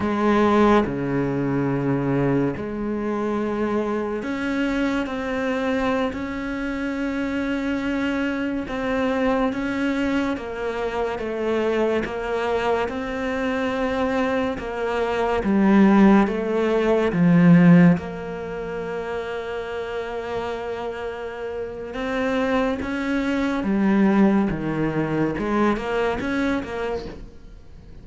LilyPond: \new Staff \with { instrumentName = "cello" } { \time 4/4 \tempo 4 = 71 gis4 cis2 gis4~ | gis4 cis'4 c'4~ c'16 cis'8.~ | cis'2~ cis'16 c'4 cis'8.~ | cis'16 ais4 a4 ais4 c'8.~ |
c'4~ c'16 ais4 g4 a8.~ | a16 f4 ais2~ ais8.~ | ais2 c'4 cis'4 | g4 dis4 gis8 ais8 cis'8 ais8 | }